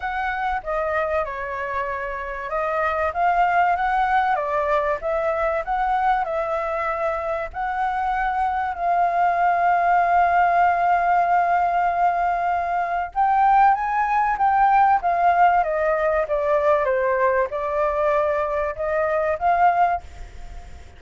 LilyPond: \new Staff \with { instrumentName = "flute" } { \time 4/4 \tempo 4 = 96 fis''4 dis''4 cis''2 | dis''4 f''4 fis''4 d''4 | e''4 fis''4 e''2 | fis''2 f''2~ |
f''1~ | f''4 g''4 gis''4 g''4 | f''4 dis''4 d''4 c''4 | d''2 dis''4 f''4 | }